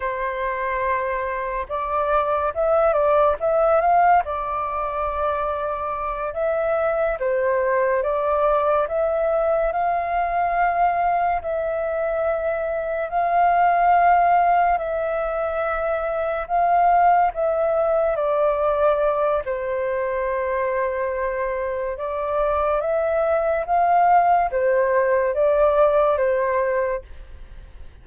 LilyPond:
\new Staff \with { instrumentName = "flute" } { \time 4/4 \tempo 4 = 71 c''2 d''4 e''8 d''8 | e''8 f''8 d''2~ d''8 e''8~ | e''8 c''4 d''4 e''4 f''8~ | f''4. e''2 f''8~ |
f''4. e''2 f''8~ | f''8 e''4 d''4. c''4~ | c''2 d''4 e''4 | f''4 c''4 d''4 c''4 | }